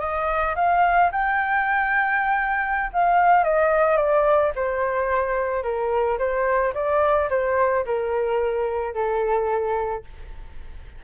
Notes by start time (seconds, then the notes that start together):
0.00 D#5
0.56 F5
1.12 G5
2.93 F5
3.44 D#5
3.97 D5
4.55 C5
5.63 A#4
6.19 C5
6.74 D5
7.30 C5
7.86 A#4
8.94 A4